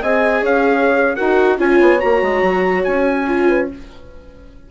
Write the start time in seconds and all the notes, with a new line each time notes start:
0.00 C4 G#4 D#5 G#5
0.41 C#4 C#5 F5
1.16 D#4 F#4 A#4 F#5
1.58 C#4 F4 C#5 G#5
1.81 B3
1.99 A#3 F#4 A#5
2.22 G#3
2.43 F#3
2.84 C#4 G#5
3.27 F4
3.48 B4